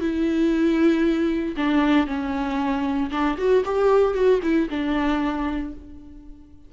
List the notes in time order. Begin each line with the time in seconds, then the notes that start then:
0.00 E4
1.56 D4
2.07 C#4
3.11 D4
3.38 F#4
3.65 G4
4.14 F#4
4.42 E4
4.70 D4